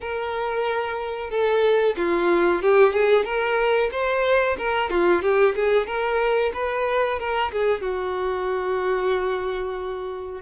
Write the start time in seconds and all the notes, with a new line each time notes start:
0.00 A#4
1.30 A4
1.96 F4
2.61 G4
2.93 G#4
3.24 A#4
3.91 C5
4.58 A#4
4.89 F4
5.22 G4
5.55 G#4
5.86 A#4
6.53 B4
7.19 A#4
7.52 G#4
7.81 F#4